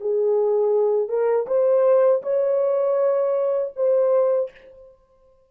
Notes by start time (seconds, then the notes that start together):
0.00 G#4
1.08 A#4
1.46 C5
2.22 C#5
3.75 C5